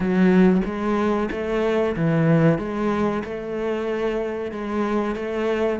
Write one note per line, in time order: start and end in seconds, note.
0.00 0.61 F#3
0.65 1.29 G#3
1.31 1.95 A3
1.96 2.58 E3
2.58 3.23 G#3
3.24 4.51 A3
4.51 5.15 G#3
5.15 5.79 A3